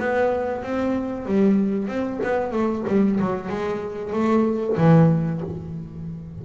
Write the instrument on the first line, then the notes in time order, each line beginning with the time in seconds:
double bass
0.00 B3
0.63 C4
1.26 G3
1.88 C4
2.24 B3
2.52 A3
2.88 G3
3.20 F#3
3.50 G#3
4.13 A3
4.78 E3